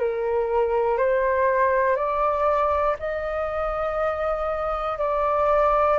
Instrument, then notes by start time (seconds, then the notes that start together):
flute
0.00 A#4
0.98 C5
1.96 D5
2.99 D#5
4.99 D5